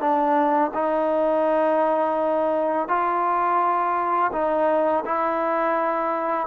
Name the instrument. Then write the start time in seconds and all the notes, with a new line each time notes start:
trombone
0.00 D4
0.74 D#4
2.89 F4
4.32 D#4
5.05 E4